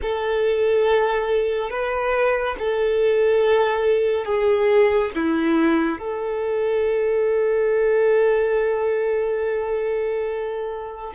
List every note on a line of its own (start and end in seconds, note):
0.02 1.69 A4
1.69 2.55 B4
2.58 4.25 A4
4.25 5.10 G#4
5.14 5.98 E4
5.98 11.13 A4